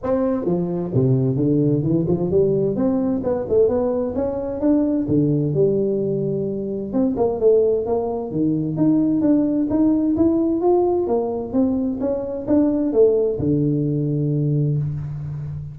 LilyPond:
\new Staff \with { instrumentName = "tuba" } { \time 4/4 \tempo 4 = 130 c'4 f4 c4 d4 | e8 f8 g4 c'4 b8 a8 | b4 cis'4 d'4 d4 | g2. c'8 ais8 |
a4 ais4 dis4 dis'4 | d'4 dis'4 e'4 f'4 | ais4 c'4 cis'4 d'4 | a4 d2. | }